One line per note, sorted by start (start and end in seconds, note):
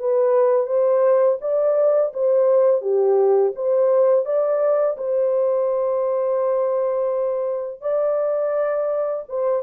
0.00 0.67 B4
0.67 1.39 C5
1.41 2.13 D5
2.14 2.82 C5
2.82 3.53 G4
3.56 4.26 C5
4.26 4.97 D5
4.98 7.81 C5
7.81 9.24 D5
9.29 9.63 C5